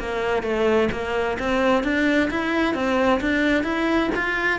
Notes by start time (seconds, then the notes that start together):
0.00 A#3
0.43 A3
0.92 A#3
1.40 C4
1.84 D4
2.31 E4
2.75 C4
3.21 D4
3.64 E4
4.16 F4